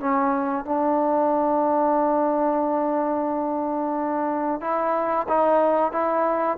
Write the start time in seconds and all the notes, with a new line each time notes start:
0.00 C#4
0.65 D4
4.61 E4
5.29 D#4
5.92 E4